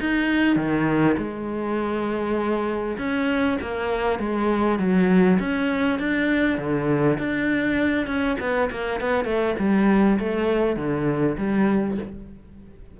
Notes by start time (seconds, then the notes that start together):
0.00 D#4
0.56 D#3
1.18 G#3
2.98 C#4
3.62 A#3
4.19 G#3
4.79 F#3
5.40 C#4
5.99 D4
6.58 D3
7.18 D4
8.07 C#4
8.40 B3
8.71 A#3
9.00 B3
9.25 A3
9.59 G3
10.19 A3
10.76 D3
11.38 G3